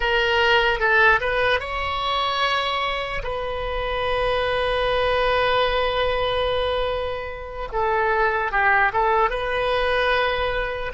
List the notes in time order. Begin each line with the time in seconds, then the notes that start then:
0.00 A#4
0.79 A4
1.20 B4
1.60 C#5
3.22 B4
7.72 A4
8.51 G4
8.93 A4
9.30 B4